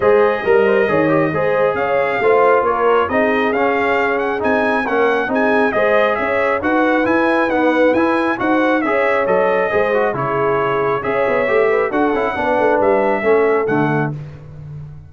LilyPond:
<<
  \new Staff \with { instrumentName = "trumpet" } { \time 4/4 \tempo 4 = 136 dis''1 | f''2 cis''4 dis''4 | f''4. fis''8 gis''4 fis''4 | gis''4 dis''4 e''4 fis''4 |
gis''4 fis''4 gis''4 fis''4 | e''4 dis''2 cis''4~ | cis''4 e''2 fis''4~ | fis''4 e''2 fis''4 | }
  \new Staff \with { instrumentName = "horn" } { \time 4/4 c''4 ais'8 c''8 cis''4 c''4 | cis''4 c''4 ais'4 gis'4~ | gis'2. ais'4 | gis'4 c''4 cis''4 b'4~ |
b'2. c''4 | cis''2 c''4 gis'4~ | gis'4 cis''4. b'8 a'4 | b'2 a'2 | }
  \new Staff \with { instrumentName = "trombone" } { \time 4/4 gis'4 ais'4 gis'8 g'8 gis'4~ | gis'4 f'2 dis'4 | cis'2 dis'4 cis'4 | dis'4 gis'2 fis'4 |
e'4 b4 e'4 fis'4 | gis'4 a'4 gis'8 fis'8 e'4~ | e'4 gis'4 g'4 fis'8 e'8 | d'2 cis'4 a4 | }
  \new Staff \with { instrumentName = "tuba" } { \time 4/4 gis4 g4 dis4 gis4 | cis'4 a4 ais4 c'4 | cis'2 c'4 ais4 | c'4 gis4 cis'4 dis'4 |
e'4 dis'4 e'4 dis'4 | cis'4 fis4 gis4 cis4~ | cis4 cis'8 b8 a4 d'8 cis'8 | b8 a8 g4 a4 d4 | }
>>